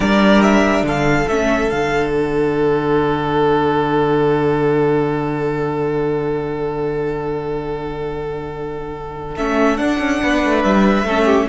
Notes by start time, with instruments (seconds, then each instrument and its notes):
0.00 cello G3, viola D4, violin A#4 D5
0.41 violin E5
0.82 cello D3, violin A4 F5
1.27 cello A3, viola C#4, violin E5
1.70 cello D3, viola D4, violin F5
2.10 violin F#5
9.36 cello A3, viola C#4, violin E5
9.77 viola D4, cello D4, violin F#5
9.98 cello C#4
10.22 cello B3, violin B4
10.44 cello A3
10.63 cello G3, violin E5
11.03 cello A3, viola C#4, violin A4
11.25 violin G4